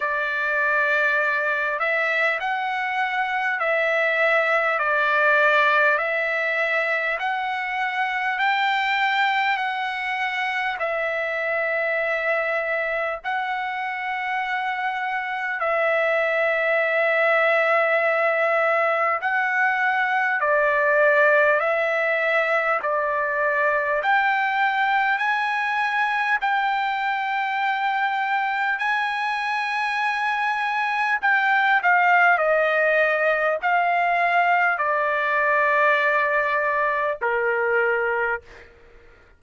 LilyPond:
\new Staff \with { instrumentName = "trumpet" } { \time 4/4 \tempo 4 = 50 d''4. e''8 fis''4 e''4 | d''4 e''4 fis''4 g''4 | fis''4 e''2 fis''4~ | fis''4 e''2. |
fis''4 d''4 e''4 d''4 | g''4 gis''4 g''2 | gis''2 g''8 f''8 dis''4 | f''4 d''2 ais'4 | }